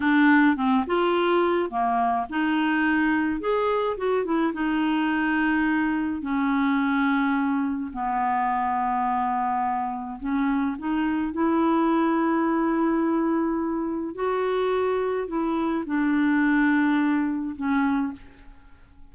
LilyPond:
\new Staff \with { instrumentName = "clarinet" } { \time 4/4 \tempo 4 = 106 d'4 c'8 f'4. ais4 | dis'2 gis'4 fis'8 e'8 | dis'2. cis'4~ | cis'2 b2~ |
b2 cis'4 dis'4 | e'1~ | e'4 fis'2 e'4 | d'2. cis'4 | }